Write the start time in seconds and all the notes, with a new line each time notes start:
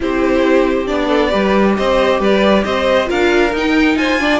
0.00 C4 E4 G4 C5
0.86 B3 D4 D5
1.07 A4
1.30 G3 G4 B4
1.76 C4 C5 D#5
2.20 G3 B4 D5
2.63 C4 C5 D#5
3.06 D4 F4 A#4 F5
3.52 D#4 G5
3.96 F4 C5 G#5
4.19 D4 D5